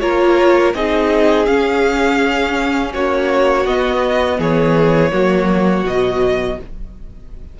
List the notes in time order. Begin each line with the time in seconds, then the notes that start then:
0.00 A#3 F4 A#4 C#5
0.74 C4 D#4 G#4 D#5
1.46 C#4 F5
2.93 A#3 F#4 C#5
3.66 B3 D#5
4.38 E3 G#4 C#5
5.12 F#3 A#3 F#4
5.83 B2 F#3 D#5